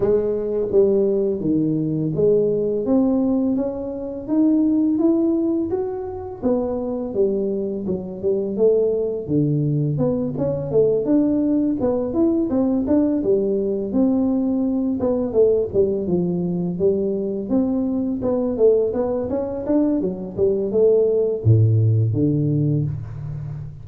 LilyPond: \new Staff \with { instrumentName = "tuba" } { \time 4/4 \tempo 4 = 84 gis4 g4 dis4 gis4 | c'4 cis'4 dis'4 e'4 | fis'4 b4 g4 fis8 g8 | a4 d4 b8 cis'8 a8 d'8~ |
d'8 b8 e'8 c'8 d'8 g4 c'8~ | c'4 b8 a8 g8 f4 g8~ | g8 c'4 b8 a8 b8 cis'8 d'8 | fis8 g8 a4 a,4 d4 | }